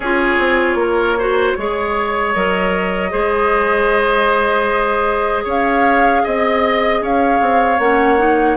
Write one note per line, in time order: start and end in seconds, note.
0.00 0.36 C#4
0.00 1.19 F4
0.00 0.78 G#4
0.00 2.32 C#5
0.38 0.75 C4
0.75 1.52 A#3
0.75 1.18 A#4
1.18 1.57 F#4
1.18 1.57 C5
1.57 2.35 G#3
1.57 2.35 G#4
1.57 3.11 C#5
2.32 3.12 F#3
2.32 3.10 A#4
2.32 5.44 D#5
3.10 5.45 G#3
3.10 7.77 G#4
3.10 5.44 C5
5.44 6.23 C#4
5.44 6.22 C#5
5.44 6.25 F5
6.23 7.01 C4
6.23 7.01 D#5
6.23 7.03 D#5
7.01 7.40 C#4
7.01 8.57 C#5
7.01 7.79 F5
7.40 7.78 C4
7.78 8.56 A#3
7.78 8.18 C#4
7.78 8.57 F#5
8.18 8.57 D#4